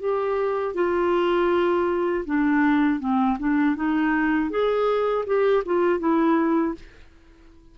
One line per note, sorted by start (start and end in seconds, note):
0.00 0.75 G4
0.75 2.25 F4
2.26 3.00 D4
3.00 3.38 C4
3.39 3.76 D4
3.76 4.50 D#4
4.50 5.25 G#4
5.26 5.64 G4
5.66 6.00 F4
6.00 6.75 E4